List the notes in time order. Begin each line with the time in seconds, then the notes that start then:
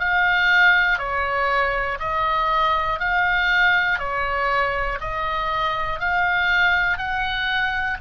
0.00 F5
0.99 C#5
2.00 D#5
3.00 F5
3.99 C#5
5.00 D#5
6.00 F5
6.98 F#5